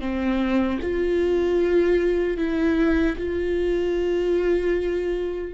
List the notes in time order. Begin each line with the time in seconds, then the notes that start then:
0.00 C4
0.82 F4
2.37 E4
3.17 F4